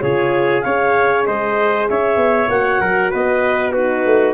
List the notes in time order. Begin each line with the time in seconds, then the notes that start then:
0.00 C#3 F4 G#4 C#5
0.61 C#4 G#4 C#5 F5
1.26 G#3 C5 D#5
1.89 C#4 C#5 E5
2.16 B3
2.49 A#3 F#4 F#5
2.80 F#3 A#4
3.11 B3 B4 D#5
3.72 D#4 F#4 B4
4.05 A3